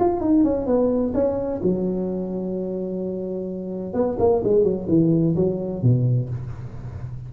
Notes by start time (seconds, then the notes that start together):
0.00 F4
0.21 D#4
0.45 C#4
0.67 B3
1.14 C#4
1.63 F#3
3.94 B3
4.20 A#3
4.44 G#3
4.64 F#3
4.89 E3
5.36 F#3
5.83 B2